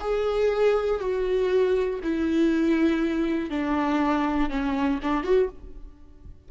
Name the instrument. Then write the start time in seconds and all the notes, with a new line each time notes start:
viola
0.00 G#4
1.00 F#4
2.02 E4
3.50 D4
4.49 C#4
5.02 D4
5.23 F#4